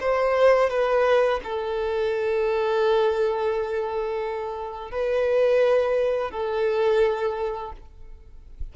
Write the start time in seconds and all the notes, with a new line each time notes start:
0.00 C5
0.70 B4
1.44 A4
4.91 B4
6.31 A4